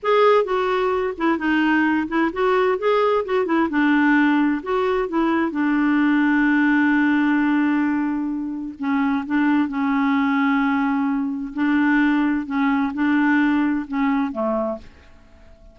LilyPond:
\new Staff \with { instrumentName = "clarinet" } { \time 4/4 \tempo 4 = 130 gis'4 fis'4. e'8 dis'4~ | dis'8 e'8 fis'4 gis'4 fis'8 e'8 | d'2 fis'4 e'4 | d'1~ |
d'2. cis'4 | d'4 cis'2.~ | cis'4 d'2 cis'4 | d'2 cis'4 a4 | }